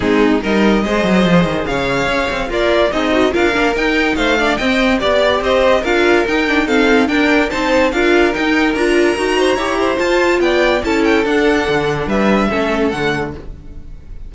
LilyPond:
<<
  \new Staff \with { instrumentName = "violin" } { \time 4/4 \tempo 4 = 144 gis'4 dis''2. | f''2 d''4 dis''4 | f''4 g''4 f''4 g''4 | d''4 dis''4 f''4 g''4 |
f''4 g''4 a''4 f''4 | g''4 ais''2. | a''4 g''4 a''8 g''8 fis''4~ | fis''4 e''2 fis''4 | }
  \new Staff \with { instrumentName = "violin" } { \time 4/4 dis'4 ais'4 c''2 | cis''2 f'4 dis'4 | ais'2 c''8 d''8 dis''4 | d''4 c''4 ais'2 |
a'4 ais'4 c''4 ais'4~ | ais'2~ ais'8 c''8 cis''8 c''8~ | c''4 d''4 a'2~ | a'4 b'4 a'2 | }
  \new Staff \with { instrumentName = "viola" } { \time 4/4 c'4 dis'4 gis'2~ | gis'2 ais'4 gis'8 fis'8 | f'8 d'8 dis'4. d'8 c'4 | g'2 f'4 dis'8 d'8 |
c'4 d'4 dis'4 f'4 | dis'4 f'4 fis'4 g'4 | f'2 e'4 d'4~ | d'2 cis'4 a4 | }
  \new Staff \with { instrumentName = "cello" } { \time 4/4 gis4 g4 gis8 fis8 f8 dis8 | cis4 cis'8 c'8 ais4 c'4 | d'8 ais8 dis'4 a4 c'4 | b4 c'4 d'4 dis'4~ |
dis'4 d'4 c'4 d'4 | dis'4 d'4 dis'4 e'4 | f'4 b4 cis'4 d'4 | d4 g4 a4 d4 | }
>>